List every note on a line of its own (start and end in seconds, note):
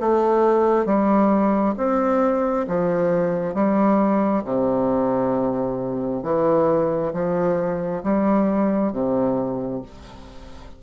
0.00 0.85 A3
0.85 1.75 G3
1.77 2.67 C4
2.68 3.55 F3
3.55 4.44 G3
4.45 6.23 C3
6.23 7.13 E3
7.14 8.03 F3
8.03 8.93 G3
8.93 9.82 C3